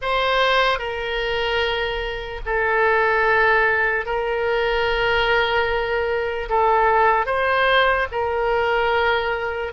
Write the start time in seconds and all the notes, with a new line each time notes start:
0.01 C5
0.79 A#4
2.45 A4
4.05 A#4
6.49 A4
7.26 C5
8.11 A#4